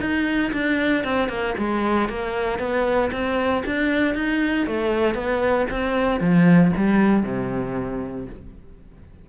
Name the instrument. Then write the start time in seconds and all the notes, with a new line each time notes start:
cello
0.00 D#4
0.53 D4
1.04 C4
1.29 A#3
1.58 G#3
2.09 A#3
2.59 B3
3.12 C4
3.66 D4
4.15 D#4
4.67 A3
5.14 B3
5.71 C4
6.20 F3
6.77 G3
7.23 C3